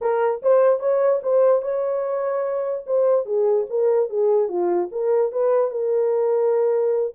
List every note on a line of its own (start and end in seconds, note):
0.01 0.42 A#4
0.42 0.79 C5
0.79 1.20 C#5
1.22 1.62 C5
1.62 2.84 C#5
2.86 3.25 C5
3.25 3.66 G#4
3.69 4.09 A#4
4.09 4.48 G#4
4.48 4.89 F4
4.91 5.32 A#4
5.32 5.71 B4
5.71 7.13 A#4